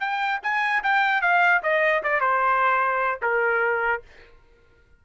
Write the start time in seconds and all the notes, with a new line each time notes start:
0.00 G5
0.43 G#5
0.83 G5
1.21 F5
1.63 D#5
2.03 D5
2.20 C5
3.22 A#4